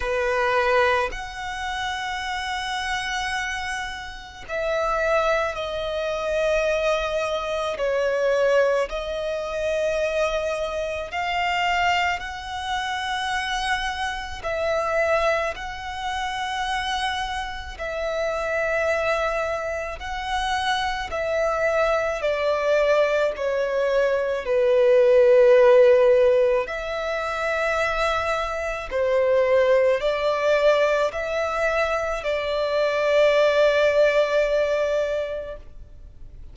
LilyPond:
\new Staff \with { instrumentName = "violin" } { \time 4/4 \tempo 4 = 54 b'4 fis''2. | e''4 dis''2 cis''4 | dis''2 f''4 fis''4~ | fis''4 e''4 fis''2 |
e''2 fis''4 e''4 | d''4 cis''4 b'2 | e''2 c''4 d''4 | e''4 d''2. | }